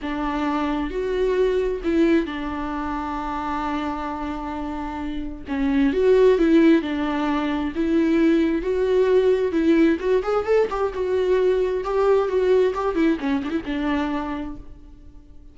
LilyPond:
\new Staff \with { instrumentName = "viola" } { \time 4/4 \tempo 4 = 132 d'2 fis'2 | e'4 d'2.~ | d'1 | cis'4 fis'4 e'4 d'4~ |
d'4 e'2 fis'4~ | fis'4 e'4 fis'8 gis'8 a'8 g'8 | fis'2 g'4 fis'4 | g'8 e'8 cis'8 d'16 e'16 d'2 | }